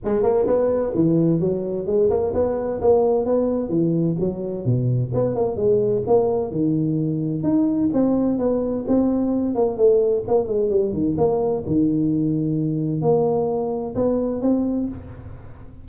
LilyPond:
\new Staff \with { instrumentName = "tuba" } { \time 4/4 \tempo 4 = 129 gis8 ais8 b4 e4 fis4 | gis8 ais8 b4 ais4 b4 | e4 fis4 b,4 b8 ais8 | gis4 ais4 dis2 |
dis'4 c'4 b4 c'4~ | c'8 ais8 a4 ais8 gis8 g8 dis8 | ais4 dis2. | ais2 b4 c'4 | }